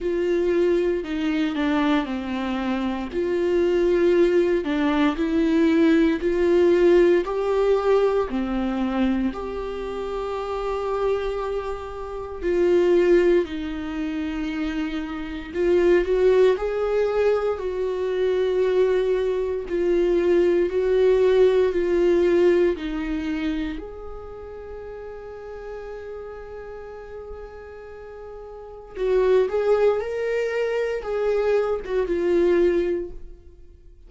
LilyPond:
\new Staff \with { instrumentName = "viola" } { \time 4/4 \tempo 4 = 58 f'4 dis'8 d'8 c'4 f'4~ | f'8 d'8 e'4 f'4 g'4 | c'4 g'2. | f'4 dis'2 f'8 fis'8 |
gis'4 fis'2 f'4 | fis'4 f'4 dis'4 gis'4~ | gis'1 | fis'8 gis'8 ais'4 gis'8. fis'16 f'4 | }